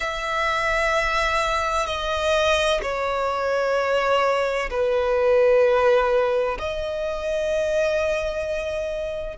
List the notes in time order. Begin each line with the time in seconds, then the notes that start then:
0.00 E5
1.86 D#5
2.82 C#5
4.70 B4
6.59 D#5